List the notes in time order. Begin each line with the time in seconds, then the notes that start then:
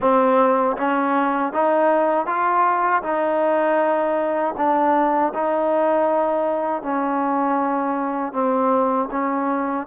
0.00 C4
0.77 C#4
1.52 D#4
2.26 F4
3.02 D#4
4.57 D4
5.34 D#4
6.82 C#4
8.32 C4
9.11 C#4